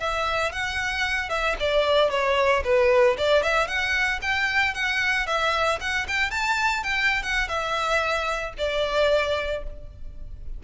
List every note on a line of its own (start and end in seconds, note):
0.00 0.53 E5
0.53 1.30 F#5
1.30 1.56 E5
1.60 2.11 D5
2.11 2.63 C#5
2.65 3.17 B4
3.18 3.44 D5
3.44 3.68 E5
3.68 4.20 F#5
4.22 4.75 G5
4.75 5.27 F#5
5.27 5.79 E5
5.81 6.07 F#5
6.08 6.31 G5
6.31 6.84 A5
6.84 7.23 G5
7.23 7.48 F#5
7.48 8.54 E5
8.58 9.64 D5